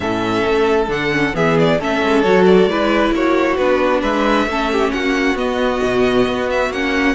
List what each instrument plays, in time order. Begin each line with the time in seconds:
0.00 cello A2, viola C#4, violin A4 E5
0.44 cello A3
0.88 cello D3, viola D4, violin F#5
1.11 viola C#4
1.33 cello E3, viola B3, violin G#4 E5
1.58 violin D5
1.79 cello A3, viola C#4, violin A4 E5
2.02 cello G#3
2.22 cello F#3, viola F#4, violin C#5
2.45 violin D5
2.66 cello G#3, viola E4, violin B4
3.12 cello A#3, violin F#4 C#5
3.57 cello B3, viola D4, violin B4
4.01 cello G#3, violin B4 E5
4.46 cello A3, viola C#4, violin A4
4.72 violin G4
4.92 cello A#3, violin F#4 F#5
5.35 cello B3, viola B3, violin D#5
5.83 cello B2
6.27 cello B3
6.50 violin E5
6.69 cello A#3, viola C#4, violin F#5